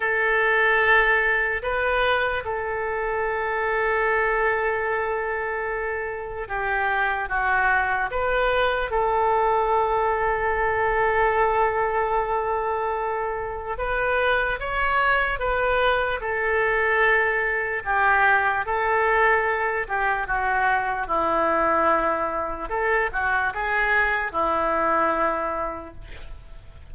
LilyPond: \new Staff \with { instrumentName = "oboe" } { \time 4/4 \tempo 4 = 74 a'2 b'4 a'4~ | a'1 | g'4 fis'4 b'4 a'4~ | a'1~ |
a'4 b'4 cis''4 b'4 | a'2 g'4 a'4~ | a'8 g'8 fis'4 e'2 | a'8 fis'8 gis'4 e'2 | }